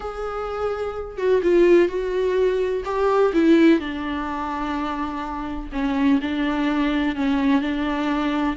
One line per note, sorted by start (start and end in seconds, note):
0.00 1.17 G#4
1.17 1.41 F#4
1.42 1.88 F4
1.88 2.83 F#4
2.84 3.32 G4
3.33 3.79 E4
3.79 5.69 D4
5.72 6.20 C#4
6.21 7.15 D4
7.15 7.61 C#4
7.61 8.56 D4